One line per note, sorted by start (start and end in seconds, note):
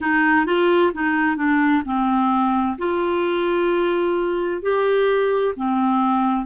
0.00 0.46 D#4
0.46 0.92 F4
0.93 1.36 D#4
1.36 1.82 D4
1.85 2.77 C4
2.77 4.62 F4
4.62 5.54 G4
5.56 6.45 C4